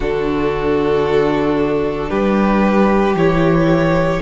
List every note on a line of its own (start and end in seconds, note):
0.00 2.09 D3
0.00 3.16 D4
0.00 2.10 F#4
0.00 2.10 A4
2.10 3.14 G3
2.10 4.20 G4
2.10 3.15 B4
3.14 4.20 E3
3.14 4.21 E4
3.14 4.21 C#5